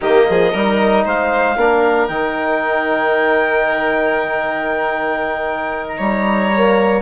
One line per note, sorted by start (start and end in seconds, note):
0.01 0.27 D#3
0.01 0.53 A#3
0.01 0.27 G4
0.01 1.05 D#5
0.29 0.54 F3
0.29 0.51 G#4
0.51 1.05 G3
0.51 1.57 D#4
0.51 1.03 A#4
1.04 1.56 G#3
1.04 1.57 C5
1.04 2.07 F5
1.56 2.08 A#3
1.56 2.10 D4
1.56 5.97 A#4
2.07 5.99 D#3
2.07 6.53 D#4
2.07 5.86 G5
5.87 7.02 A#5
5.97 7.02 G3
5.97 7.02 C#5
6.54 7.02 A#3